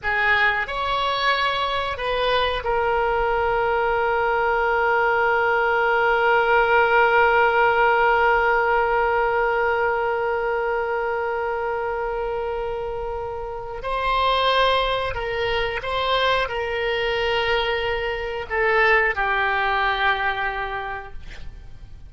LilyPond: \new Staff \with { instrumentName = "oboe" } { \time 4/4 \tempo 4 = 91 gis'4 cis''2 b'4 | ais'1~ | ais'1~ | ais'1~ |
ais'1~ | ais'4 c''2 ais'4 | c''4 ais'2. | a'4 g'2. | }